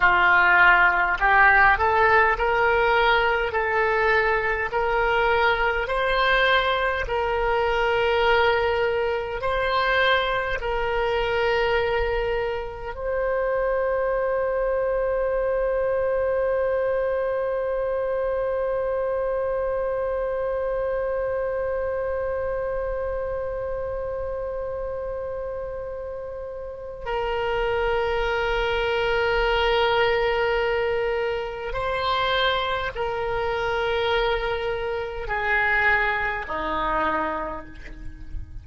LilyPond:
\new Staff \with { instrumentName = "oboe" } { \time 4/4 \tempo 4 = 51 f'4 g'8 a'8 ais'4 a'4 | ais'4 c''4 ais'2 | c''4 ais'2 c''4~ | c''1~ |
c''1~ | c''2. ais'4~ | ais'2. c''4 | ais'2 gis'4 dis'4 | }